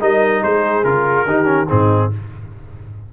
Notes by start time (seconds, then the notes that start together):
0.00 G3 D#4 A#4 D#5
0.42 G#3 G#4 C5
0.84 C#3 F4 A#4
1.25 D#3 D#4 G4
1.44 C#4
1.68 G#2 C4 D#4 G#4